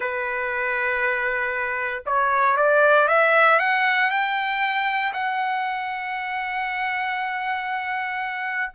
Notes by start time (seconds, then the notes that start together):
0.00 B4
2.06 C#5
2.56 D5
3.07 E5
3.59 F#5
4.10 G5
5.13 F#5